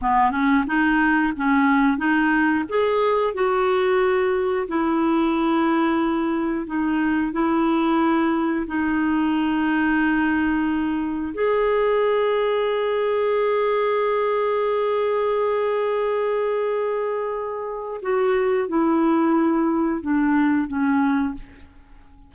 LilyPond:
\new Staff \with { instrumentName = "clarinet" } { \time 4/4 \tempo 4 = 90 b8 cis'8 dis'4 cis'4 dis'4 | gis'4 fis'2 e'4~ | e'2 dis'4 e'4~ | e'4 dis'2.~ |
dis'4 gis'2.~ | gis'1~ | gis'2. fis'4 | e'2 d'4 cis'4 | }